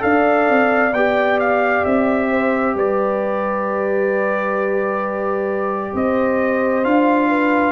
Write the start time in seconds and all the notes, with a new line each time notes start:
0.00 D4 A4 D5 F5
0.49 C4
0.93 B3 G4 G5
1.40 F5
1.85 C4 E5
2.31 C5
2.75 G3 B4 D5
5.94 C4 C5 D#5
6.84 D4 F4 F5
7.29 B4